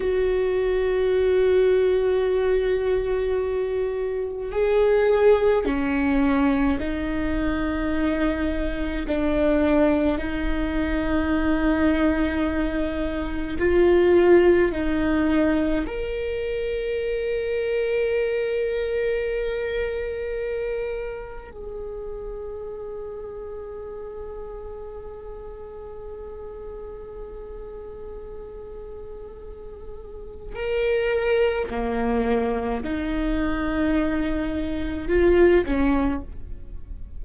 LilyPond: \new Staff \with { instrumentName = "viola" } { \time 4/4 \tempo 4 = 53 fis'1 | gis'4 cis'4 dis'2 | d'4 dis'2. | f'4 dis'4 ais'2~ |
ais'2. gis'4~ | gis'1~ | gis'2. ais'4 | ais4 dis'2 f'8 cis'8 | }